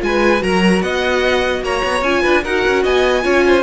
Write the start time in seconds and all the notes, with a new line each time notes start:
0.00 G#3 F4 G#5
0.07 B4
0.40 F#3 F#4 A#4 A#5
0.82 B3 D#5 F#5
1.62 A#3 C#5 A#5
1.84 B3
2.02 C#4 F4 G#5
2.22 D4 B4
2.44 D#4 F#4 A#4 F#5
2.68 C#4
2.83 B3 D#5 G#5
3.23 C#4 F4 C#5
3.47 C5